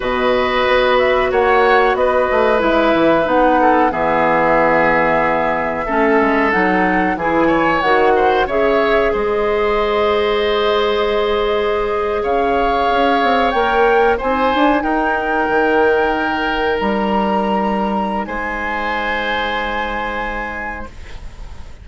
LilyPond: <<
  \new Staff \with { instrumentName = "flute" } { \time 4/4 \tempo 4 = 92 dis''4. e''8 fis''4 dis''4 | e''4 fis''4 e''2~ | e''2 fis''4 gis''4 | fis''4 e''4 dis''2~ |
dis''2~ dis''8. f''4~ f''16~ | f''8. g''4 gis''4 g''4~ g''16~ | g''4.~ g''16 ais''2~ ais''16 | gis''1 | }
  \new Staff \with { instrumentName = "oboe" } { \time 4/4 b'2 cis''4 b'4~ | b'4. a'8 gis'2~ | gis'4 a'2 gis'8 cis''8~ | cis''8 c''8 cis''4 c''2~ |
c''2~ c''8. cis''4~ cis''16~ | cis''4.~ cis''16 c''4 ais'4~ ais'16~ | ais'1 | c''1 | }
  \new Staff \with { instrumentName = "clarinet" } { \time 4/4 fis'1 | e'4 dis'4 b2~ | b4 cis'4 dis'4 e'4 | fis'4 gis'2.~ |
gis'1~ | gis'8. ais'4 dis'2~ dis'16~ | dis'1~ | dis'1 | }
  \new Staff \with { instrumentName = "bassoon" } { \time 4/4 b,4 b4 ais4 b8 a8 | gis8 e8 b4 e2~ | e4 a8 gis8 fis4 e4 | dis4 cis4 gis2~ |
gis2~ gis8. cis4 cis'16~ | cis'16 c'8 ais4 c'8 d'8 dis'4 dis16~ | dis4.~ dis16 g2~ g16 | gis1 | }
>>